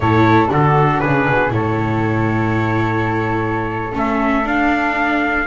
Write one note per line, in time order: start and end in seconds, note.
0.00 0.49 A2
0.00 0.48 E4
0.00 0.50 A4
0.00 0.49 C#5
0.48 1.02 D3
0.48 1.50 D4
0.48 1.01 F#4
0.48 1.00 A4
1.00 1.28 C#3
1.00 1.53 G#4
1.00 1.51 B4
1.29 1.51 B2
1.50 3.92 A2
1.50 3.91 E4
1.50 5.46 A4
1.50 3.95 C#5
3.92 4.44 A3
3.92 4.43 C#4
3.92 4.47 E5
4.44 5.46 D4
4.44 5.46 F5